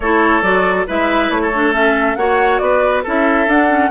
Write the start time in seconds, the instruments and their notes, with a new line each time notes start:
0.00 bassoon A3, clarinet E4, oboe A4, flute C#5
0.42 bassoon F#3, clarinet F#4, flute D5
0.87 bassoon G#3, clarinet E4, oboe B4, flute E5
1.30 bassoon A3, flute C#5
1.41 oboe A4
1.53 clarinet D4
1.73 clarinet C#4, flute E5
2.15 bassoon A#3, clarinet F#4, oboe C#5, flute F#5
2.58 bassoon B3, oboe B4, flute D5
3.03 bassoon C#4, clarinet E4, oboe A4, flute E5
3.47 bassoon D4, clarinet D4, flute F#5
3.69 clarinet C#4